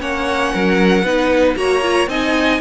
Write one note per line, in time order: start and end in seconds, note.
0.00 0.52 A#3
0.00 1.04 C#4
0.00 0.53 C#5
0.00 1.56 F#5
0.53 1.03 F#3
0.53 1.04 A#4
1.03 1.55 B3
1.03 1.55 D#4
1.03 1.56 B4
1.55 2.07 A#3
1.55 1.82 F#4
1.55 2.09 C#5
1.55 2.08 A#5
1.82 2.08 F4
2.07 2.59 C4
2.07 2.61 D#4
2.07 2.61 D#5
2.07 2.61 G#5